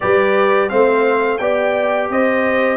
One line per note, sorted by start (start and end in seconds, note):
0.00 0.71 G3
0.00 0.69 G4
0.00 0.69 B4
0.00 0.69 D5
0.69 1.39 A3
0.69 1.39 C4
0.69 1.39 C5
0.69 1.37 F5
1.37 2.09 B3
1.37 2.77 G4
1.37 2.09 D5
1.37 2.07 G5
2.09 2.77 C4
2.09 2.77 C5
2.09 2.77 D#5